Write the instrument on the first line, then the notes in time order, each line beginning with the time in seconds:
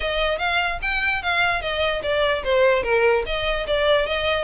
violin
0.00 D#5
0.38 F5
0.82 G5
1.22 F5
1.61 D#5
2.03 D5
2.43 C5
2.83 A#4
3.25 D#5
3.67 D5
4.06 D#5